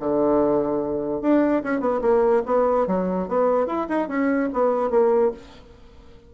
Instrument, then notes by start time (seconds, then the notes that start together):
bassoon
0.00 D3
1.22 D4
1.63 C#4
1.80 B3
2.02 A#3
2.46 B3
2.87 F#3
3.28 B3
3.67 E4
3.89 D#4
4.09 C#4
4.53 B3
4.91 A#3